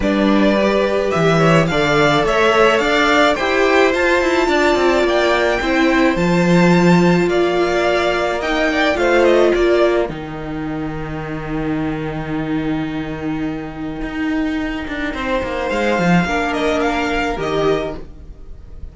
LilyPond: <<
  \new Staff \with { instrumentName = "violin" } { \time 4/4 \tempo 4 = 107 d''2 e''4 f''4 | e''4 f''4 g''4 a''4~ | a''4 g''2 a''4~ | a''4 f''2 g''4 |
f''8 dis''8 d''4 g''2~ | g''1~ | g''1 | f''4. dis''8 f''4 dis''4 | }
  \new Staff \with { instrumentName = "violin" } { \time 4/4 b'2~ b'8 cis''8 d''4 | cis''4 d''4 c''2 | d''2 c''2~ | c''4 d''2 dis''8 d''8 |
c''4 ais'2.~ | ais'1~ | ais'2. c''4~ | c''4 ais'2. | }
  \new Staff \with { instrumentName = "viola" } { \time 4/4 d'4 g'2 a'4~ | a'2 g'4 f'4~ | f'2 e'4 f'4~ | f'2. dis'4 |
f'2 dis'2~ | dis'1~ | dis'1~ | dis'4 d'2 g'4 | }
  \new Staff \with { instrumentName = "cello" } { \time 4/4 g2 e4 d4 | a4 d'4 e'4 f'8 e'8 | d'8 c'8 ais4 c'4 f4~ | f4 ais2. |
a4 ais4 dis2~ | dis1~ | dis4 dis'4. d'8 c'8 ais8 | gis8 f8 ais2 dis4 | }
>>